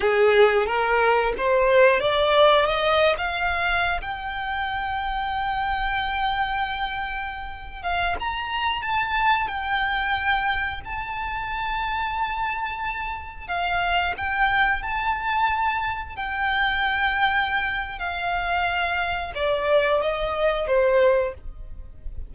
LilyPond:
\new Staff \with { instrumentName = "violin" } { \time 4/4 \tempo 4 = 90 gis'4 ais'4 c''4 d''4 | dis''8. f''4~ f''16 g''2~ | g''2.~ g''8. f''16~ | f''16 ais''4 a''4 g''4.~ g''16~ |
g''16 a''2.~ a''8.~ | a''16 f''4 g''4 a''4.~ a''16~ | a''16 g''2~ g''8. f''4~ | f''4 d''4 dis''4 c''4 | }